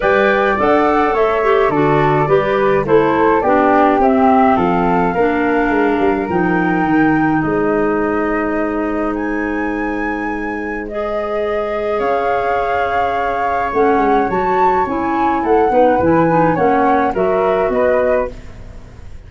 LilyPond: <<
  \new Staff \with { instrumentName = "flute" } { \time 4/4 \tempo 4 = 105 g''4 fis''4 e''4 d''4~ | d''4 c''4 d''4 e''4 | f''2. g''4~ | g''4 dis''2. |
gis''2. dis''4~ | dis''4 f''2. | fis''4 a''4 gis''4 fis''4 | gis''4 fis''4 e''4 dis''4 | }
  \new Staff \with { instrumentName = "flute" } { \time 4/4 d''2 cis''4 a'4 | b'4 a'4 g'2 | a'4 ais'2.~ | ais'4 c''2.~ |
c''1~ | c''4 cis''2.~ | cis''2. a'8 b'8~ | b'4 cis''4 ais'4 b'4 | }
  \new Staff \with { instrumentName = "clarinet" } { \time 4/4 b'4 a'4. g'8 fis'4 | g'4 e'4 d'4 c'4~ | c'4 d'2 dis'4~ | dis'1~ |
dis'2. gis'4~ | gis'1 | cis'4 fis'4 e'4. dis'8 | e'8 dis'8 cis'4 fis'2 | }
  \new Staff \with { instrumentName = "tuba" } { \time 4/4 g4 d'4 a4 d4 | g4 a4 b4 c'4 | f4 ais4 gis8 g8 f4 | dis4 gis2.~ |
gis1~ | gis4 cis'2. | a8 gis8 fis4 cis'4 a8 b8 | e4 ais4 fis4 b4 | }
>>